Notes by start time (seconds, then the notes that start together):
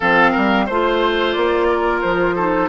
0.00 F3 C4 A4 F5
0.31 G3 A#4
0.66 A3 F4 C5
1.32 A#3 D5
1.70 A#4
2.01 F3 C5
2.35 D#4 A4